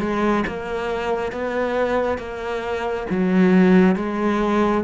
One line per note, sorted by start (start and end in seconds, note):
0.00 0.44 G#3
0.47 1.32 A#3
1.32 2.18 B3
2.18 3.06 A#3
3.10 3.96 F#3
3.96 4.84 G#3